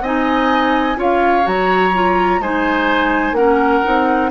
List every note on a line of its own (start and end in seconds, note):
0.00 0.95 C4
0.00 0.95 D#4
0.00 0.97 D#5
0.00 0.99 G#5
0.95 1.45 C#4
0.95 1.42 F4
0.95 2.41 C#5
0.95 1.46 F5
1.42 2.39 F#3
1.42 1.90 F#4
1.42 2.42 A#5
1.94 2.41 F4
2.39 3.32 G#3
2.39 3.36 D#4
2.39 3.36 C5
2.39 3.35 G#5
3.32 3.79 A#3
3.32 3.84 C#4
3.32 4.30 A#4
3.32 4.30 F#5
3.84 4.30 C4
3.84 4.30 D#4